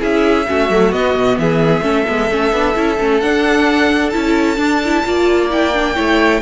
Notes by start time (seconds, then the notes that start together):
0.00 C#4 E4 G#4 E5
0.48 A3 C#4 F#4
0.70 F#3 A3
0.92 B3 D#5
1.16 B2
1.38 E3 G#4 E5
1.81 A3 C#4 A4
2.08 G#3 B3
2.31 A3 C#4
2.53 B3 D4
2.75 C#4 E4
2.99 A3 C#4
3.20 D4 F#5
4.10 E4 A5
4.16 C#4
4.57 D4
4.85 E4
5.05 A#3 F4 D5
5.51 E4 G5
5.74 D4
5.95 A3 E4 C#5